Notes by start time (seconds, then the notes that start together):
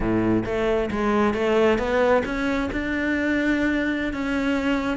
0.00 A2
0.45 A3
0.90 G#3
1.33 A3
1.78 B3
2.25 C#4
2.72 D4
4.13 C#4